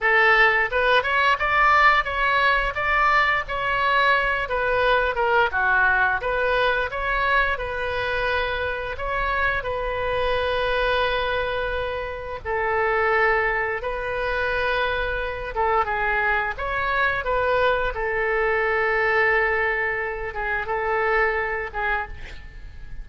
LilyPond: \new Staff \with { instrumentName = "oboe" } { \time 4/4 \tempo 4 = 87 a'4 b'8 cis''8 d''4 cis''4 | d''4 cis''4. b'4 ais'8 | fis'4 b'4 cis''4 b'4~ | b'4 cis''4 b'2~ |
b'2 a'2 | b'2~ b'8 a'8 gis'4 | cis''4 b'4 a'2~ | a'4. gis'8 a'4. gis'8 | }